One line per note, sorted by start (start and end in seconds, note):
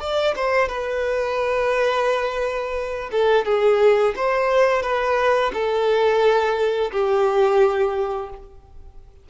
0.00 0.34 D5
0.36 0.69 C5
0.69 3.10 B4
3.12 3.45 A4
3.45 4.14 G#4
4.16 4.83 C5
4.83 5.52 B4
5.54 6.92 A4
6.92 8.30 G4